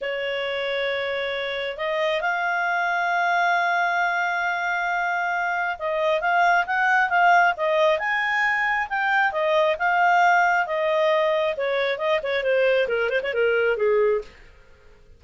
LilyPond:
\new Staff \with { instrumentName = "clarinet" } { \time 4/4 \tempo 4 = 135 cis''1 | dis''4 f''2.~ | f''1~ | f''4 dis''4 f''4 fis''4 |
f''4 dis''4 gis''2 | g''4 dis''4 f''2 | dis''2 cis''4 dis''8 cis''8 | c''4 ais'8 c''16 cis''16 ais'4 gis'4 | }